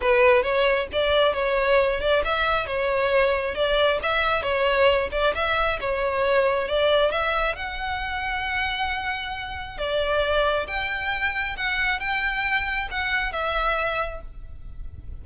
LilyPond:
\new Staff \with { instrumentName = "violin" } { \time 4/4 \tempo 4 = 135 b'4 cis''4 d''4 cis''4~ | cis''8 d''8 e''4 cis''2 | d''4 e''4 cis''4. d''8 | e''4 cis''2 d''4 |
e''4 fis''2.~ | fis''2 d''2 | g''2 fis''4 g''4~ | g''4 fis''4 e''2 | }